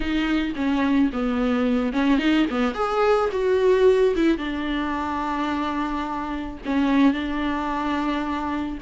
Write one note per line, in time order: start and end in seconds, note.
0.00 0.53 D#4
0.55 1.10 C#4
1.13 1.93 B3
1.93 2.18 C#4
2.18 2.46 D#4
2.50 2.74 B3
2.74 3.29 G#4
3.32 4.14 F#4
4.15 4.37 E4
4.37 6.58 D4
6.65 7.13 C#4
7.13 8.78 D4